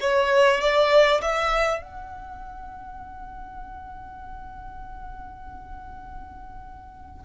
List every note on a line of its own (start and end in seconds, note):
0.00 0.60 C#5
0.60 1.21 D5
1.21 1.82 E5
1.82 7.25 F#5